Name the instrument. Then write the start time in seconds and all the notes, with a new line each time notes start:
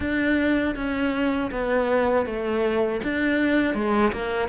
cello
0.00 D4
0.75 C#4
1.51 B3
2.25 A3
3.03 D4
3.74 G#3
4.12 A#3